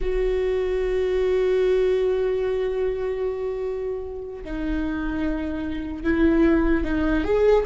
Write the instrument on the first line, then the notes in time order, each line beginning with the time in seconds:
viola
0.00 F#4
4.43 D#4
6.03 E4
6.84 D#4
7.24 G#4